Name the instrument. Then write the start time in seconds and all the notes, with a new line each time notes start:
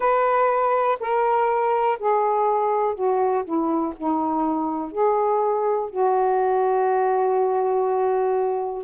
saxophone
0.00 B4
1.00 A#4
1.99 G#4
2.95 F#4
3.44 E4
3.97 D#4
4.91 G#4
5.90 F#4